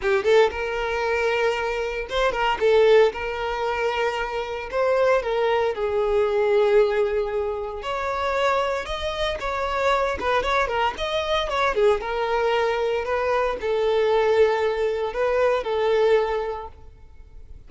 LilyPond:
\new Staff \with { instrumentName = "violin" } { \time 4/4 \tempo 4 = 115 g'8 a'8 ais'2. | c''8 ais'8 a'4 ais'2~ | ais'4 c''4 ais'4 gis'4~ | gis'2. cis''4~ |
cis''4 dis''4 cis''4. b'8 | cis''8 ais'8 dis''4 cis''8 gis'8 ais'4~ | ais'4 b'4 a'2~ | a'4 b'4 a'2 | }